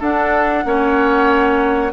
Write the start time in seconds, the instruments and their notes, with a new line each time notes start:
0.00 bassoon D4, clarinet D4, oboe A4, flute F#5
0.65 bassoon A#3, clarinet C#4, oboe C#5